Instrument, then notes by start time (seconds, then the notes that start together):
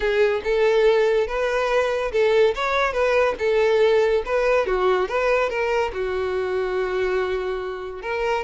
violin
0.00 G#4
0.44 A4
1.27 B4
2.12 A4
2.54 C#5
2.92 B4
3.38 A4
4.25 B4
4.66 F#4
5.08 B4
5.49 A#4
5.93 F#4
8.02 A#4